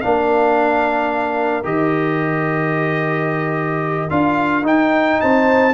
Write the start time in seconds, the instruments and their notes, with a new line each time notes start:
0.00 tuba A#3, trombone D4, horn A#4, trumpet F5
1.63 tuba D#3, trombone G4, trumpet D#5
4.10 tuba D4, trombone F4, trumpet F5
4.62 tuba D#4, trombone D#4, trumpet G5
5.20 tuba C4, horn C5, trumpet A5